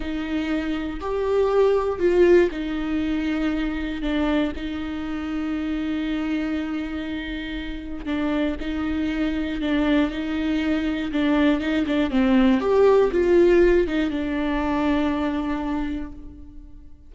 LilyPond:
\new Staff \with { instrumentName = "viola" } { \time 4/4 \tempo 4 = 119 dis'2 g'2 | f'4 dis'2. | d'4 dis'2.~ | dis'1 |
d'4 dis'2 d'4 | dis'2 d'4 dis'8 d'8 | c'4 g'4 f'4. dis'8 | d'1 | }